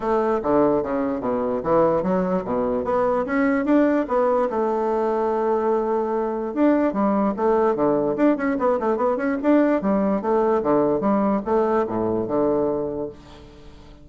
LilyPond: \new Staff \with { instrumentName = "bassoon" } { \time 4/4 \tempo 4 = 147 a4 d4 cis4 b,4 | e4 fis4 b,4 b4 | cis'4 d'4 b4 a4~ | a1 |
d'4 g4 a4 d4 | d'8 cis'8 b8 a8 b8 cis'8 d'4 | g4 a4 d4 g4 | a4 a,4 d2 | }